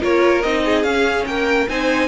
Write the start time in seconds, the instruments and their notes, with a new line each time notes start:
0.00 cello A#3, viola F4, violin A#4 C#5
0.42 cello C4, viola D#4, violin D#5
0.65 violin G#4
0.83 cello C#4, viola C#4, violin F5
1.26 cello A#3, violin A#4 G5
1.68 cello C4, viola D#4, violin C5 G#5